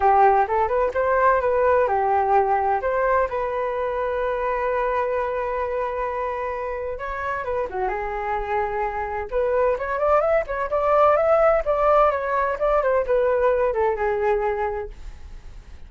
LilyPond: \new Staff \with { instrumentName = "flute" } { \time 4/4 \tempo 4 = 129 g'4 a'8 b'8 c''4 b'4 | g'2 c''4 b'4~ | b'1~ | b'2. cis''4 |
b'8 fis'8 gis'2. | b'4 cis''8 d''8 e''8 cis''8 d''4 | e''4 d''4 cis''4 d''8 c''8 | b'4. a'8 gis'2 | }